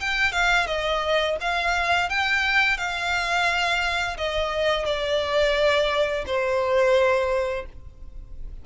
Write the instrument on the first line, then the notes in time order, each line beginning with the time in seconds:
violin
0.00 G5
0.32 F5
0.67 D#5
1.40 F5
2.09 G5
2.77 F5
4.17 D#5
4.86 D5
6.26 C5